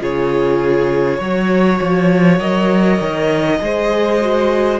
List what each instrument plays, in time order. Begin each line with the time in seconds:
0.00 cello C#3, viola F4, violin G#4 C#5
1.18 cello F#3, violin C#5
1.24 viola F#4
1.81 cello F3
2.39 cello F#3, viola A#4, violin D#5
3.00 cello D#3
3.60 cello G#3, viola G#4, violin C5
4.21 viola F#4